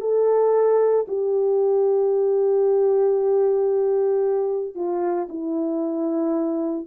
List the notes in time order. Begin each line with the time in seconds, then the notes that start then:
0.00 A4
1.07 G4
4.75 F4
5.29 E4